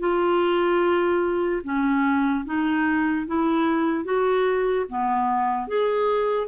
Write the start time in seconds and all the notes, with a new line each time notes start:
0.00 F4
1.64 C#4
2.45 D#4
3.27 E4
4.05 F#4
4.89 B3
5.68 G#4